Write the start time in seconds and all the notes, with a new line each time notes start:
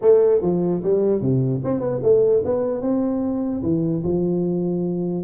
0.01 A3
0.41 F3
0.83 G3
1.21 C3
1.64 C4
1.80 B3
2.02 A3
2.44 B3
2.81 C4
3.62 E3
4.03 F3